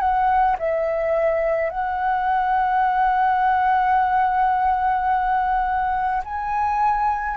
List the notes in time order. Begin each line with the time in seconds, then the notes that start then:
0.00 F#5
0.59 E5
1.70 F#5
6.25 G#5